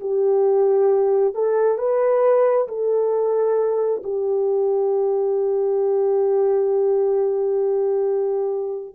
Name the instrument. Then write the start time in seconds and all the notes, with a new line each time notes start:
horn
0.00 G4
1.34 A4
1.78 B4
2.68 A4
4.03 G4